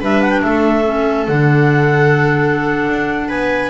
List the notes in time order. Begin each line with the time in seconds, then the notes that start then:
0.00 G3 D4 B4 E5
0.21 F#5
0.30 G5
0.42 A3 A4 E5
0.85 C#4
1.27 D3 D4 F#5
2.88 D4
3.28 B3 B4 G#5